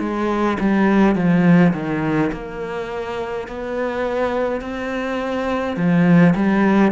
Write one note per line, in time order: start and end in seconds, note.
0.00 0.58 G#3
0.60 1.15 G3
1.15 1.73 F3
1.74 2.31 D#3
2.32 3.48 A#3
3.48 4.61 B3
4.61 5.76 C4
5.76 6.34 F3
6.35 6.92 G3